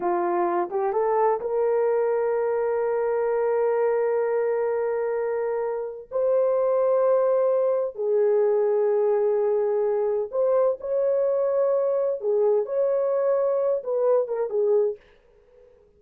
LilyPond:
\new Staff \with { instrumentName = "horn" } { \time 4/4 \tempo 4 = 128 f'4. g'8 a'4 ais'4~ | ais'1~ | ais'1~ | ais'4 c''2.~ |
c''4 gis'2.~ | gis'2 c''4 cis''4~ | cis''2 gis'4 cis''4~ | cis''4. b'4 ais'8 gis'4 | }